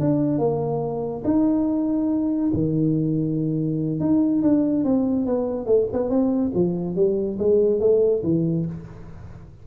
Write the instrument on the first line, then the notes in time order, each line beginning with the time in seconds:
tuba
0.00 D4
0.38 A#3
1.24 D#4
2.54 D#3
4.00 D#4
4.43 D4
4.84 C4
5.26 B3
5.66 A3
5.93 B3
6.10 C4
6.55 F3
6.96 G3
7.39 G#3
7.80 A3
8.24 E3